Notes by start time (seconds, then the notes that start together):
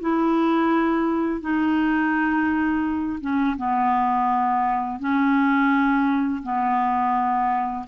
0.00 E4
1.41 D#4
3.21 C#4
3.57 B3
5.00 C#4
6.43 B3